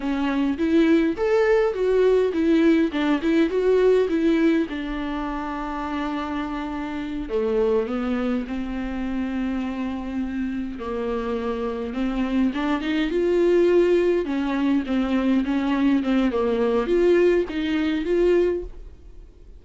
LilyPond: \new Staff \with { instrumentName = "viola" } { \time 4/4 \tempo 4 = 103 cis'4 e'4 a'4 fis'4 | e'4 d'8 e'8 fis'4 e'4 | d'1~ | d'8 a4 b4 c'4.~ |
c'2~ c'8 ais4.~ | ais8 c'4 d'8 dis'8 f'4.~ | f'8 cis'4 c'4 cis'4 c'8 | ais4 f'4 dis'4 f'4 | }